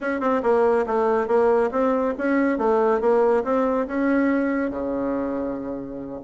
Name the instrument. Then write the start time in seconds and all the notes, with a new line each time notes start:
bassoon
0.01 C#4
0.20 C4
0.42 A#3
0.86 A3
1.27 A#3
1.71 C4
2.18 C#4
2.58 A3
3.01 A#3
3.44 C4
3.87 C#4
4.70 C#3